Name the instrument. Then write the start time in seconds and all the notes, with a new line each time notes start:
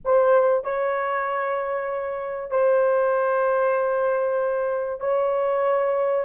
horn
0.05 C5
0.64 C#5
2.50 C5
4.99 C#5